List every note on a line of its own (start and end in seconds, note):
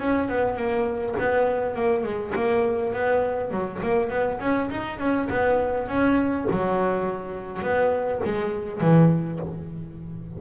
0.00 0.29 C#4
0.29 0.56 B3
0.56 1.15 A#3
1.19 1.75 B3
1.75 2.04 A#3
2.04 2.33 G#3
2.35 2.93 A#3
2.93 3.51 B3
3.51 3.81 F#3
3.82 4.10 A#3
4.10 4.40 B3
4.40 4.70 C#4
4.70 4.99 D#4
4.99 5.28 C#4
5.30 5.88 B3
5.88 6.47 C#4
6.51 7.62 F#3
7.62 8.21 B3
8.25 8.81 G#3
8.81 9.40 E3